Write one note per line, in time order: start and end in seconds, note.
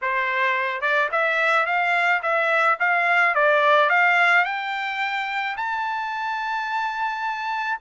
0.01 0.81 C5
0.81 1.09 D5
1.11 1.66 E5
1.66 2.21 F5
2.22 2.78 E5
2.79 3.34 F5
3.34 3.89 D5
3.89 4.44 F5
4.44 5.56 G5
5.56 7.79 A5